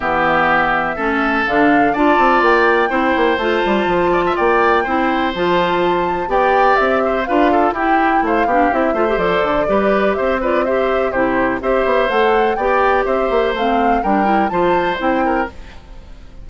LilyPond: <<
  \new Staff \with { instrumentName = "flute" } { \time 4/4 \tempo 4 = 124 e''2. f''4 | a''4 g''2 a''4~ | a''4 g''2 a''4~ | a''4 g''4 e''4 f''4 |
g''4 f''4 e''4 d''4~ | d''4 e''8 d''8 e''4 c''4 | e''4 fis''4 g''4 e''4 | f''4 g''4 a''4 g''4 | }
  \new Staff \with { instrumentName = "oboe" } { \time 4/4 g'2 a'2 | d''2 c''2~ | c''8 d''16 e''16 d''4 c''2~ | c''4 d''4. c''8 b'8 a'8 |
g'4 c''8 g'4 c''4. | b'4 c''8 b'8 c''4 g'4 | c''2 d''4 c''4~ | c''4 ais'4 c''4. ais'8 | }
  \new Staff \with { instrumentName = "clarinet" } { \time 4/4 b2 cis'4 d'4 | f'2 e'4 f'4~ | f'2 e'4 f'4~ | f'4 g'2 f'4 |
e'4. d'8 e'8 f'16 g'16 a'4 | g'4. f'8 g'4 e'4 | g'4 a'4 g'2 | c'4 d'8 e'8 f'4 e'4 | }
  \new Staff \with { instrumentName = "bassoon" } { \time 4/4 e2 a4 d4 | d'8 c'8 ais4 c'8 ais8 a8 g8 | f4 ais4 c'4 f4~ | f4 b4 c'4 d'4 |
e'4 a8 b8 c'8 a8 f8 d8 | g4 c'2 c4 | c'8 b8 a4 b4 c'8 ais8 | a4 g4 f4 c'4 | }
>>